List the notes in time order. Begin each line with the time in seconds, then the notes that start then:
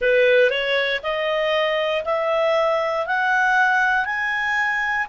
0.00 B4
0.49 C#5
1.02 D#5
2.04 E5
3.06 F#5
4.04 G#5